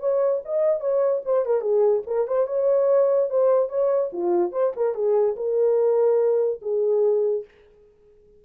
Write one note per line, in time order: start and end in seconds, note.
0.00 0.41 C#5
0.45 0.81 D#5
0.81 1.22 C#5
1.25 1.46 C5
1.46 1.61 A#4
1.61 2.02 G#4
2.07 2.27 A#4
2.28 2.47 C5
2.47 3.30 C#5
3.30 3.69 C5
3.69 4.11 C#5
4.13 4.52 F4
4.52 4.73 C5
4.76 4.95 A#4
4.95 5.36 G#4
5.36 6.60 A#4
6.62 7.45 G#4